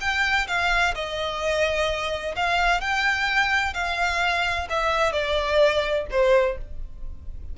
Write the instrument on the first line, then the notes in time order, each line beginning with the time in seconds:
violin
0.00 G5
0.47 F5
0.94 D#5
2.36 F5
2.80 G5
3.74 F5
4.69 E5
5.12 D5
6.10 C5